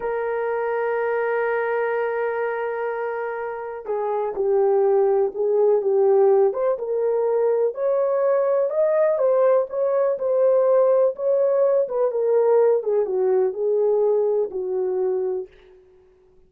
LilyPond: \new Staff \with { instrumentName = "horn" } { \time 4/4 \tempo 4 = 124 ais'1~ | ais'1 | gis'4 g'2 gis'4 | g'4. c''8 ais'2 |
cis''2 dis''4 c''4 | cis''4 c''2 cis''4~ | cis''8 b'8 ais'4. gis'8 fis'4 | gis'2 fis'2 | }